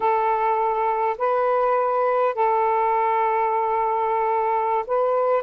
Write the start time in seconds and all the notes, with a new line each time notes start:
0.00 A4
1.18 B4
2.34 A4
4.87 B4